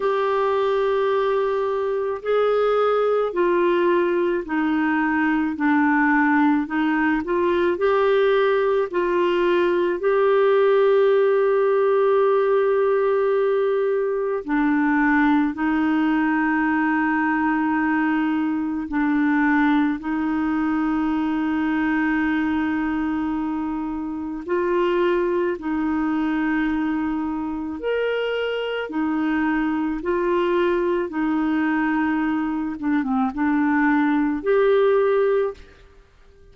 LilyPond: \new Staff \with { instrumentName = "clarinet" } { \time 4/4 \tempo 4 = 54 g'2 gis'4 f'4 | dis'4 d'4 dis'8 f'8 g'4 | f'4 g'2.~ | g'4 d'4 dis'2~ |
dis'4 d'4 dis'2~ | dis'2 f'4 dis'4~ | dis'4 ais'4 dis'4 f'4 | dis'4. d'16 c'16 d'4 g'4 | }